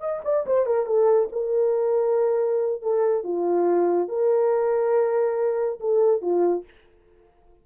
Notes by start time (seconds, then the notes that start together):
0.00 D#5
0.24 D5
0.46 C5
0.66 A#4
0.86 A4
1.32 A#4
2.82 A4
3.24 F4
4.08 A#4
5.80 A4
6.22 F4